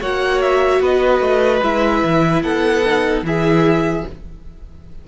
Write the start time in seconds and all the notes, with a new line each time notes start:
0.00 A#3 F#4 C#5 F#5
0.41 E5
0.80 B3 B4 D#5
1.20 A3
1.62 G#3 E4 E5
2.03 E3
2.42 B3 A4 F#5
2.84 D#4
3.22 E3 E4 G#4 E5